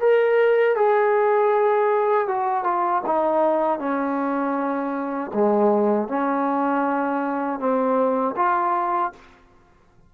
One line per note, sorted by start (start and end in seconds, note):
0.00 0.75 A#4
0.75 2.27 G#4
2.28 2.63 F#4
2.63 3.01 F4
3.06 3.79 D#4
3.79 5.31 C#4
5.33 6.08 G#3
6.08 7.59 C#4
7.59 8.35 C4
8.36 9.12 F4